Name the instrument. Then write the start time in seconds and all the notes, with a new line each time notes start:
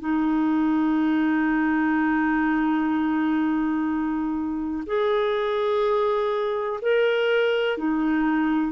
clarinet
0.00 D#4
4.87 G#4
6.82 A#4
7.78 D#4